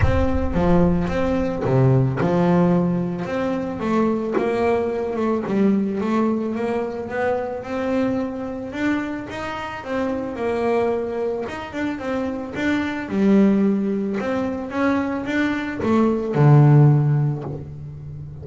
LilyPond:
\new Staff \with { instrumentName = "double bass" } { \time 4/4 \tempo 4 = 110 c'4 f4 c'4 c4 | f2 c'4 a4 | ais4. a8 g4 a4 | ais4 b4 c'2 |
d'4 dis'4 c'4 ais4~ | ais4 dis'8 d'8 c'4 d'4 | g2 c'4 cis'4 | d'4 a4 d2 | }